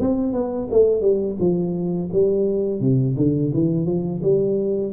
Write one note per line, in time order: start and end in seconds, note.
0.00 0.33 C4
0.33 0.68 B3
0.71 1.01 A3
1.01 1.37 G3
1.40 2.10 F3
2.12 2.80 G3
2.80 3.16 C3
3.17 3.52 D3
3.54 3.86 E3
3.86 4.21 F3
4.23 4.93 G3